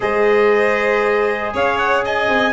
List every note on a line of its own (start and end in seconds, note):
0.00 1.53 G#3
0.00 2.52 G#4
0.00 1.53 C5
0.00 1.54 D#5
1.53 2.28 C#4
1.53 2.04 C#5
1.53 1.77 F5
1.77 2.03 F#5
2.04 2.52 D#5
2.04 2.52 G#5
2.28 2.52 C4